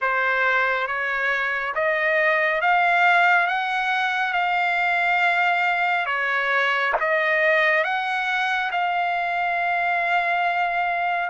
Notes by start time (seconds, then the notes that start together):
0.01 C5
0.87 C#5
1.74 D#5
2.61 F5
3.47 F#5
4.33 F5
6.06 C#5
7.00 D#5
7.83 F#5
8.71 F5